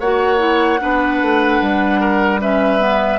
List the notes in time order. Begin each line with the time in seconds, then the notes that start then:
0.00 A#3 F#4 C#5 F#5
0.38 E4
0.80 B3 D4 B4
1.22 A3
1.61 G3
2.00 A#4
2.40 C#4 B4 E5
2.79 B3